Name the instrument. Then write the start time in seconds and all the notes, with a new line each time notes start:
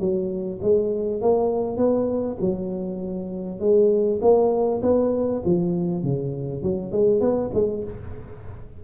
tuba
0.00 F#3
0.62 G#3
1.22 A#3
1.77 B3
2.41 F#3
3.60 G#3
4.22 A#3
4.82 B3
5.45 F3
6.03 C#3
6.63 F#3
6.92 G#3
7.21 B3
7.54 G#3